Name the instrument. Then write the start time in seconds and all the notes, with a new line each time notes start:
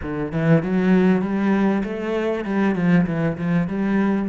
cello
0.01 D3
0.32 E3
0.62 F#3
1.21 G3
1.83 A3
2.45 G3
2.75 F3
3.06 E3
3.37 F3
3.67 G3